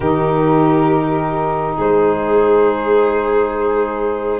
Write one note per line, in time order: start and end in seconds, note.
0.00 1.74 D#3
0.00 4.40 D#4
0.00 1.76 G4
0.00 1.75 A#4
1.76 4.40 G#3
1.76 4.40 G#4
1.76 4.40 C5